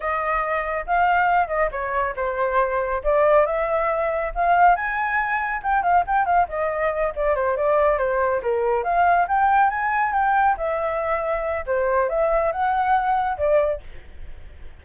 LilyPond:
\new Staff \with { instrumentName = "flute" } { \time 4/4 \tempo 4 = 139 dis''2 f''4. dis''8 | cis''4 c''2 d''4 | e''2 f''4 gis''4~ | gis''4 g''8 f''8 g''8 f''8 dis''4~ |
dis''8 d''8 c''8 d''4 c''4 ais'8~ | ais'8 f''4 g''4 gis''4 g''8~ | g''8 e''2~ e''8 c''4 | e''4 fis''2 d''4 | }